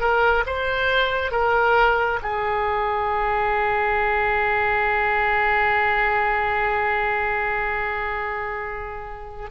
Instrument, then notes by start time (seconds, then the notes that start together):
oboe
0.00 A#4
0.46 C5
1.31 A#4
2.22 G#4